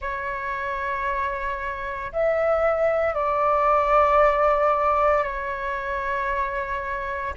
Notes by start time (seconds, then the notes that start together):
0.01 C#5
2.12 E5
3.14 D5
5.23 C#5